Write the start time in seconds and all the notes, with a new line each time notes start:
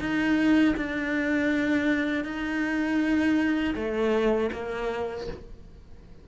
0.00 D#4
0.77 D4
2.25 D#4
3.76 A3
4.53 A#3